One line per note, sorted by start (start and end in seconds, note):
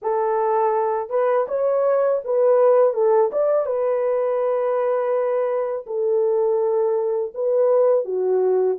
0.02 1.09 A4
1.09 1.46 B4
1.48 2.21 C#5
2.24 2.93 B4
2.93 3.30 A4
3.31 3.66 D5
3.66 5.85 B4
5.86 7.32 A4
7.34 8.05 B4
8.05 8.78 F#4